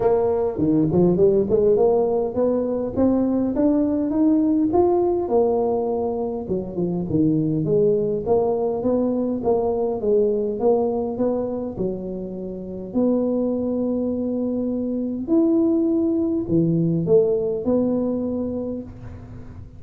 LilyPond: \new Staff \with { instrumentName = "tuba" } { \time 4/4 \tempo 4 = 102 ais4 dis8 f8 g8 gis8 ais4 | b4 c'4 d'4 dis'4 | f'4 ais2 fis8 f8 | dis4 gis4 ais4 b4 |
ais4 gis4 ais4 b4 | fis2 b2~ | b2 e'2 | e4 a4 b2 | }